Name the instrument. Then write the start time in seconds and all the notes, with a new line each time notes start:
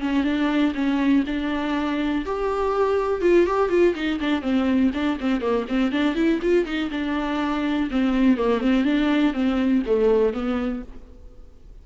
viola
0.00 C#4
0.24 D4
0.74 C#4
1.26 D4
2.25 G4
3.21 F4
3.46 G4
3.69 F4
3.95 D#4
4.20 D4
4.42 C4
4.93 D4
5.20 C4
5.41 A#3
5.68 C4
5.91 D4
6.15 E4
6.42 F4
6.65 D#4
6.91 D4
7.90 C4
8.37 A#3
8.61 C4
8.84 D4
9.33 C4
9.86 A3
10.33 B3